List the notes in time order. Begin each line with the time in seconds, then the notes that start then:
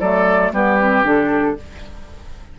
0.00 F#3 A3 A4 D5
0.52 G3 B3 G4 B4
0.79 C4
1.03 D3 D4 A4